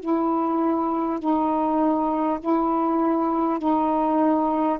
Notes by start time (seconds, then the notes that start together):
0.00 E4
1.19 D#4
2.40 E4
3.58 D#4